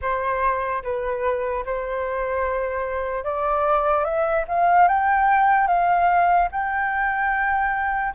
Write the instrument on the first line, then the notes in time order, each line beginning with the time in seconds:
flute
0.01 C5
0.83 B4
1.65 C5
3.24 D5
4.04 E5
4.47 F5
4.88 G5
5.67 F5
6.51 G5